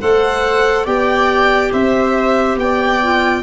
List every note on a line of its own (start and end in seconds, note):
0.00 0.86 A3
0.00 0.86 A4
0.00 0.84 C5
0.00 0.86 F#5
0.84 1.71 B3
0.84 3.00 G4
0.84 1.70 D5
0.84 1.72 G5
1.72 2.56 C4
1.72 2.58 C5
1.72 2.58 E5
2.56 3.41 B3
2.56 3.43 D5
2.56 3.43 G5
3.02 3.43 F4